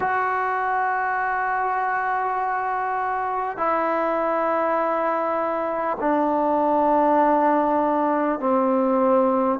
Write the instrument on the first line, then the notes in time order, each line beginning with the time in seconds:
trombone
0.00 F#4
3.57 E4
6.00 D4
8.39 C4